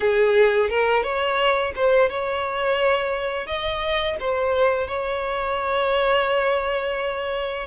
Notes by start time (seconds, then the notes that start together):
0.00 G#4
0.69 A#4
1.03 C#5
1.75 C5
2.09 C#5
3.47 D#5
4.20 C5
4.87 C#5